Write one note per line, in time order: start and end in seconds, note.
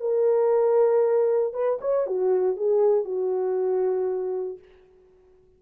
0.00 1.53 A#4
1.53 1.79 B4
1.81 2.07 C#5
2.07 2.57 F#4
2.57 3.04 G#4
3.04 4.58 F#4